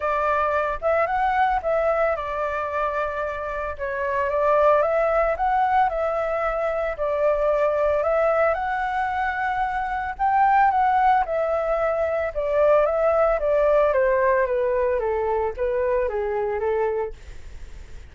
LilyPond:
\new Staff \with { instrumentName = "flute" } { \time 4/4 \tempo 4 = 112 d''4. e''8 fis''4 e''4 | d''2. cis''4 | d''4 e''4 fis''4 e''4~ | e''4 d''2 e''4 |
fis''2. g''4 | fis''4 e''2 d''4 | e''4 d''4 c''4 b'4 | a'4 b'4 gis'4 a'4 | }